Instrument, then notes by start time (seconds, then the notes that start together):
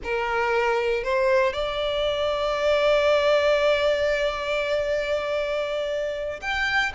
violin
0.03 A#4
1.03 C5
1.53 D5
6.41 G5